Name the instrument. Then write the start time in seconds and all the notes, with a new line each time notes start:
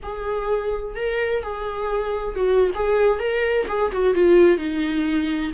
viola
0.03 G#4
0.95 A#4
1.42 G#4
2.35 F#4
2.74 G#4
3.19 A#4
3.67 G#4
3.91 F#4
4.14 F4
4.57 D#4